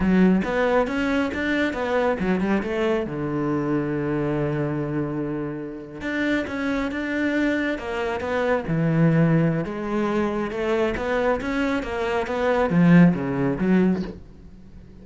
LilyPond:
\new Staff \with { instrumentName = "cello" } { \time 4/4 \tempo 4 = 137 fis4 b4 cis'4 d'4 | b4 fis8 g8 a4 d4~ | d1~ | d4.~ d16 d'4 cis'4 d'16~ |
d'4.~ d'16 ais4 b4 e16~ | e2 gis2 | a4 b4 cis'4 ais4 | b4 f4 cis4 fis4 | }